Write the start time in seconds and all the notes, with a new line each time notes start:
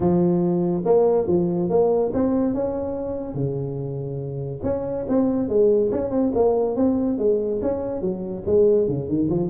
0.00 F3
0.85 A#3
1.27 F3
1.69 A#3
2.13 C4
2.54 C#4
3.34 C#3
4.63 C#4
5.08 C4
5.48 G#3
5.91 C#4
6.10 C4
6.34 A#3
6.76 C4
7.18 G#3
7.62 C#4
8.01 F#3
8.46 G#3
8.87 C#3
9.08 D#3
9.29 F3